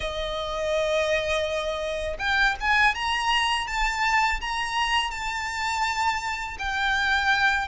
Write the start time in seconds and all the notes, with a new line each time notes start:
0.00 D#5
2.19 G5
2.60 G#5
2.94 A#5
3.67 A5
4.41 A#5
5.11 A5
6.59 G5